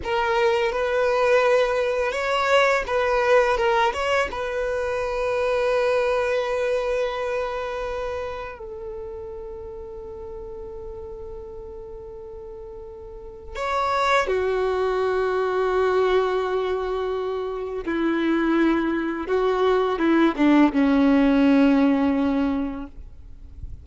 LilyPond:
\new Staff \with { instrumentName = "violin" } { \time 4/4 \tempo 4 = 84 ais'4 b'2 cis''4 | b'4 ais'8 cis''8 b'2~ | b'1 | a'1~ |
a'2. cis''4 | fis'1~ | fis'4 e'2 fis'4 | e'8 d'8 cis'2. | }